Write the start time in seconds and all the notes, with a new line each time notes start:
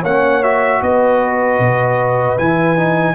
0.00 A#3 C#5 F#5
0.07 C#4
0.43 F#4 E5
0.82 B3 B4 D#5
1.59 B2
2.38 E3 E4 G#5
2.76 D#4